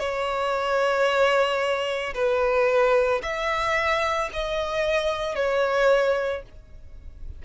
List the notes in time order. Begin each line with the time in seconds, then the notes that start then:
0.00 C#5
2.14 B4
3.23 E5
4.33 D#5
5.36 C#5